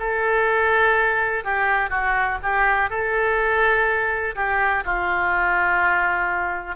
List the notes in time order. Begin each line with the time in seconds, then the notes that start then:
0.00 A4
1.45 G4
1.90 F#4
2.43 G4
2.90 A4
4.36 G4
4.85 F4